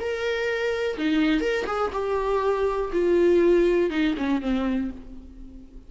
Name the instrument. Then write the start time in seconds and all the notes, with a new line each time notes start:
viola
0.00 A#4
0.98 D#4
1.41 A#4
1.67 G#4
1.93 G4
2.93 F4
3.90 D#4
4.17 C#4
4.42 C4